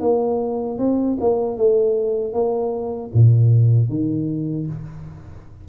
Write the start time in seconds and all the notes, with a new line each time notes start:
0.00 A#3
0.78 C4
1.20 A#3
1.57 A3
2.33 A#3
3.13 A#2
3.89 D#3